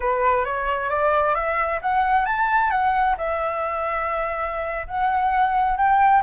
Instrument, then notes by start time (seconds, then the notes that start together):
flute
0.00 B4
0.44 C#5
0.89 D5
1.35 E5
1.81 F#5
2.25 A5
2.70 F#5
3.17 E5
4.87 F#5
5.77 G5